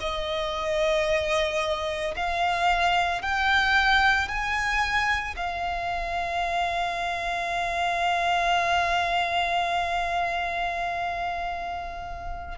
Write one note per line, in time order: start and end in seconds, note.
0.00 2.14 D#5
2.16 3.22 F5
3.22 4.29 G5
4.29 5.36 G#5
5.36 12.58 F5